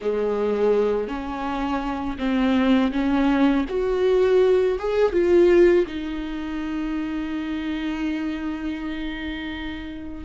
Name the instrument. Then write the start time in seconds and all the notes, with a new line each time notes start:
viola
0.01 G#3
1.07 C#4
2.18 C4
2.92 C#4
3.68 F#4
4.78 G#4
5.12 F4
5.86 D#4